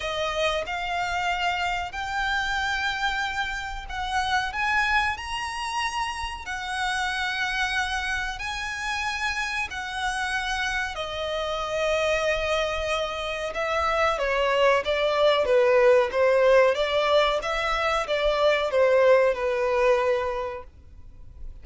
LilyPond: \new Staff \with { instrumentName = "violin" } { \time 4/4 \tempo 4 = 93 dis''4 f''2 g''4~ | g''2 fis''4 gis''4 | ais''2 fis''2~ | fis''4 gis''2 fis''4~ |
fis''4 dis''2.~ | dis''4 e''4 cis''4 d''4 | b'4 c''4 d''4 e''4 | d''4 c''4 b'2 | }